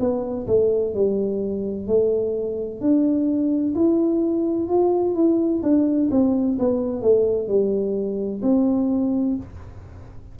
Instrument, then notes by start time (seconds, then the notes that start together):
tuba
0.00 B3
0.47 A3
0.94 G3
1.87 A3
2.81 D4
3.75 E4
4.68 F4
5.15 E4
5.63 D4
6.11 C4
6.59 B3
7.02 A3
7.48 G3
8.42 C4